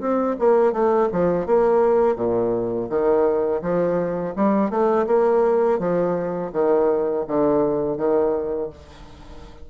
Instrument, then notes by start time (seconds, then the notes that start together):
bassoon
0.00 C4
0.39 A#3
0.72 A3
1.12 F3
1.46 A#3
2.16 A#2
2.89 D#3
3.62 F3
4.36 G3
4.70 A3
5.07 A#3
5.79 F3
6.52 D#3
7.27 D3
7.97 D#3